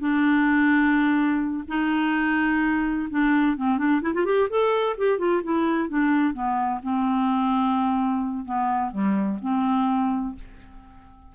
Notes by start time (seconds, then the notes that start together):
0.00 D4
1.69 D#4
3.10 D4
3.58 C4
3.78 D4
4.02 E4
4.15 F4
4.26 G4
4.50 A4
4.98 G4
5.19 F4
5.44 E4
5.90 D4
6.34 B3
6.83 C4
8.46 B3
8.92 G3
9.42 C4